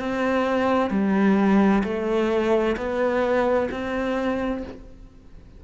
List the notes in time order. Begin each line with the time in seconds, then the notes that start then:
0.00 C4
0.91 G3
1.84 A3
2.77 B3
3.71 C4